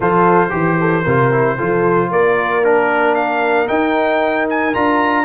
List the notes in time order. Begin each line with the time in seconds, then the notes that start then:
0.00 F3 F4 A4 C5
0.50 E3 G4
0.80 A4
1.03 C3 F4 A#4
1.32 E4
1.56 F3 F4 A4
2.10 A#3 A#4 D5
2.63 D4 A#4
3.15 F5
3.67 D#4 G5
4.49 G#5
4.73 D4 F4 A#5